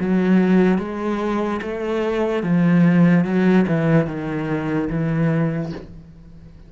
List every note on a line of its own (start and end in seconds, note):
0.00 0.79 F#3
0.79 1.61 G#3
1.62 2.44 A3
2.44 3.25 F3
3.25 3.66 F#3
3.68 4.07 E3
4.07 4.89 D#3
4.90 5.72 E3